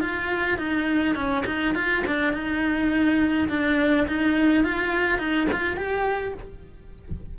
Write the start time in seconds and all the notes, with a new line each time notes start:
0.00 F4
0.58 D#4
1.15 C#4
1.46 D#4
1.75 F4
2.06 D4
2.33 D#4
3.49 D4
4.07 D#4
4.64 F4
5.18 D#4
5.52 F4
5.76 G4